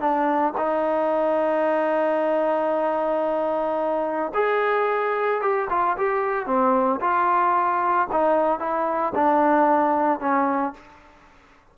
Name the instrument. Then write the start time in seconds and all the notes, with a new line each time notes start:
trombone
0.00 D4
0.57 D#4
4.34 G#4
5.42 G4
5.70 F4
5.98 G4
6.46 C4
7.01 F4
8.12 D#4
8.60 E4
9.15 D4
10.20 C#4